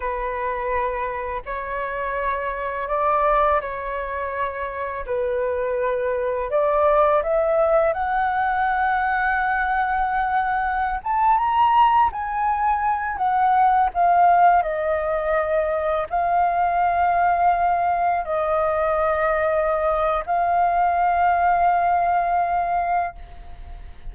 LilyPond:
\new Staff \with { instrumentName = "flute" } { \time 4/4 \tempo 4 = 83 b'2 cis''2 | d''4 cis''2 b'4~ | b'4 d''4 e''4 fis''4~ | fis''2.~ fis''16 a''8 ais''16~ |
ais''8. gis''4. fis''4 f''8.~ | f''16 dis''2 f''4.~ f''16~ | f''4~ f''16 dis''2~ dis''8. | f''1 | }